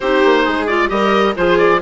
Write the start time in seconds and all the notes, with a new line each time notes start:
0.00 C4 D#4 G4 C5
0.24 A#3
0.43 G#3 G#4
0.66 F4 D5
0.88 G3 G4 A#4 D#5
1.35 F3 F4 G#4 C5
1.58 D5